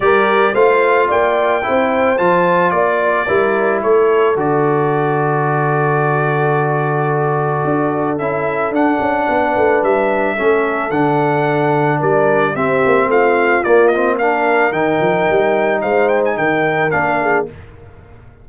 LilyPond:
<<
  \new Staff \with { instrumentName = "trumpet" } { \time 4/4 \tempo 4 = 110 d''4 f''4 g''2 | a''4 d''2 cis''4 | d''1~ | d''2. e''4 |
fis''2 e''2 | fis''2 d''4 e''4 | f''4 d''8 dis''8 f''4 g''4~ | g''4 f''8 g''16 gis''16 g''4 f''4 | }
  \new Staff \with { instrumentName = "horn" } { \time 4/4 ais'4 c''4 d''4 c''4~ | c''4 d''4 ais'4 a'4~ | a'1~ | a'1~ |
a'4 b'2 a'4~ | a'2 ais'4 g'4 | f'2 ais'2~ | ais'4 c''4 ais'4. gis'8 | }
  \new Staff \with { instrumentName = "trombone" } { \time 4/4 g'4 f'2 e'4 | f'2 e'2 | fis'1~ | fis'2. e'4 |
d'2. cis'4 | d'2. c'4~ | c'4 ais8 c'8 d'4 dis'4~ | dis'2. d'4 | }
  \new Staff \with { instrumentName = "tuba" } { \time 4/4 g4 a4 ais4 c'4 | f4 ais4 g4 a4 | d1~ | d2 d'4 cis'4 |
d'8 cis'8 b8 a8 g4 a4 | d2 g4 c'8 ais8 | a4 ais2 dis8 f8 | g4 gis4 dis4 ais4 | }
>>